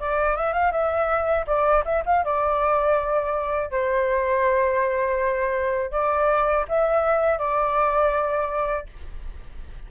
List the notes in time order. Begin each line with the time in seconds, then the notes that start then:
0.00 D5
0.37 E5
0.54 F5
0.72 E5
1.47 D5
1.86 E5
2.06 F5
2.25 D5
3.71 C5
5.92 D5
6.69 E5
7.39 D5